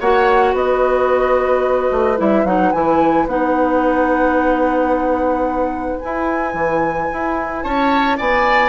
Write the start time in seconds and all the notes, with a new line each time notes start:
0.00 A#3 F#4 C#5 F#5
0.54 B3 B4 D#5
1.91 A3
2.18 G3 E4 E5
2.44 F#3 D#4 F#5
2.72 E3 E4 G#5
3.26 B3 D#4 F#5
5.99 E4 G#5
6.54 E3
7.12 E4
7.62 C#4 C#5 A5
8.17 B3 D5 G#5